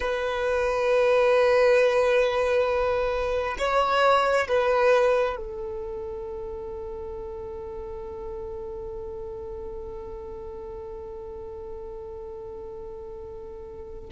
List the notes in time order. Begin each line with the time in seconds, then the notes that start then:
0.00 B4
3.58 C#5
4.48 B4
5.36 A4